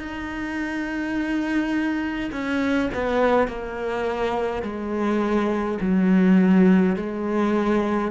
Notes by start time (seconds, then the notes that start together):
0.00 D#4
2.32 C#4
2.94 B3
3.48 A#3
4.63 G#3
5.81 F#3
6.97 G#3